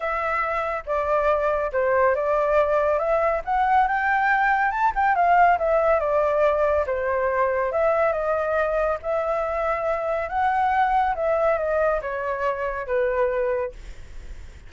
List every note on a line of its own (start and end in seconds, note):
0.00 0.83 E5
0.86 1.71 D5
1.72 2.15 C5
2.15 2.98 D5
2.98 3.41 E5
3.44 3.87 F#5
3.87 4.71 G5
4.71 4.92 A5
4.95 5.15 G5
5.15 5.58 F5
5.58 5.99 E5
5.99 6.85 D5
6.86 7.72 C5
7.72 8.12 E5
8.12 8.98 D#5
9.02 10.29 E5
10.29 11.14 F#5
11.15 11.58 E5
11.58 12.00 D#5
12.01 12.86 C#5
12.86 13.72 B4